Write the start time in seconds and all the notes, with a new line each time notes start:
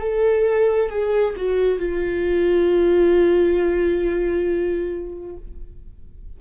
0.00 A4
0.90 G#4
1.36 F#4
1.78 F4